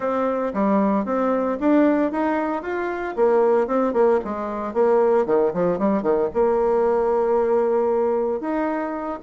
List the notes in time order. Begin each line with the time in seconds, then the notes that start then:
0.00 C4
0.53 G3
1.05 C4
1.59 D4
2.11 D#4
2.62 F4
3.16 A#3
3.67 C4
3.93 A#3
4.24 G#3
4.73 A#3
5.26 D#3
5.53 F3
5.78 G3
6.02 D#3
6.33 A#3
8.40 D#4